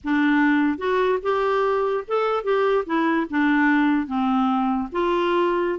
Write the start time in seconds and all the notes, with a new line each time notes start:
0.04 D4
0.78 F#4
1.22 G4
2.07 A4
2.43 G4
2.86 E4
3.30 D4
4.06 C4
4.92 F4